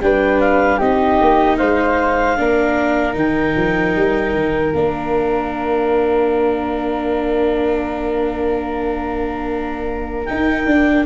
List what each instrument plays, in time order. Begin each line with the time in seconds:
0.00 tuba G3, viola D4, flute B4, clarinet G5
0.40 clarinet F5
0.77 tuba C4, viola D#4, flute G4, clarinet D#5
1.21 tuba A#3
1.57 tuba G#3, flute C5, clarinet F5
2.37 tuba A#3, viola D4, flute A#4
3.13 tuba D#3, viola D#4, clarinet G5
3.56 tuba F3
3.95 tuba G3
4.34 tuba D#3
4.74 tuba A#3, viola D4, clarinet F5
10.25 viola D#4, tuba D#4, clarinet G5
10.65 tuba D4, viola D4